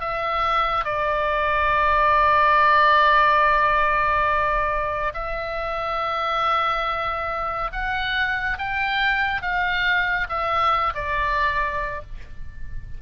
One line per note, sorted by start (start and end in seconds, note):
0.00 0.84 E5
0.84 5.13 D5
5.14 7.71 E5
7.72 8.58 F#5
8.58 9.41 G5
9.41 10.27 F5
10.29 10.93 E5
10.94 12.02 D5